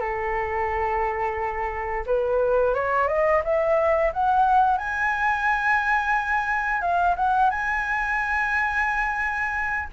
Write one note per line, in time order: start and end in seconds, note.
0.00 2.05 A4
2.06 2.74 B4
2.74 3.08 C#5
3.08 3.42 D#5
3.44 4.12 E5
4.13 4.78 F#5
4.78 6.81 G#5
6.81 7.15 F5
7.16 7.50 F#5
7.50 9.89 G#5